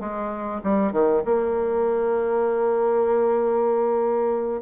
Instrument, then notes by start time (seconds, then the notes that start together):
bassoon
0.00 G#3
0.64 G3
0.93 D#3
1.25 A#3